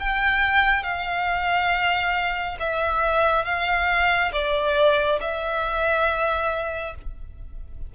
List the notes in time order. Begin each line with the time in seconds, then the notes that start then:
0.00 G5
0.83 F5
2.60 E5
3.45 F5
4.32 D5
5.21 E5